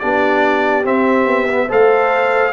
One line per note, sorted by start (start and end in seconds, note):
0.00 0.85 B3
0.00 0.85 D4
0.00 1.69 G4
0.00 0.85 D5
0.85 1.48 C4
0.85 1.26 C4
0.85 1.71 E5
1.26 1.68 B3
1.49 1.69 B3
1.69 2.53 A3
1.69 2.53 A4
1.69 2.53 C5
1.69 2.53 F5